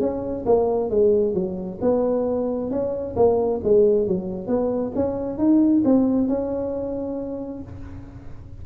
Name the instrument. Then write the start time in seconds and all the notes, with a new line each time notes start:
tuba
0.00 C#4
0.46 A#3
0.90 G#3
1.34 F#3
1.81 B3
2.71 C#4
3.16 A#3
3.64 G#3
4.07 F#3
4.47 B3
4.95 C#4
5.38 D#4
5.85 C4
6.28 C#4